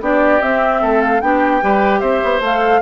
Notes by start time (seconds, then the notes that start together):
0.00 B3 D4 G4 D5
0.41 C4 E5
0.81 A3 A4
1.01 F5
1.21 B3 D4 G4 G5
1.61 G3 G4 B4
2.00 C4 C5 E5
2.23 B3
2.40 A3 A4 F5